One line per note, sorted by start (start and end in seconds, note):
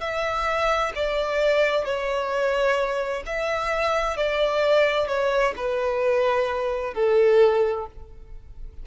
0.00 0.92 E5
0.95 1.85 D5
1.85 3.23 C#5
3.26 4.16 E5
4.16 5.07 D5
5.07 5.53 C#5
5.56 6.94 B4
6.94 7.86 A4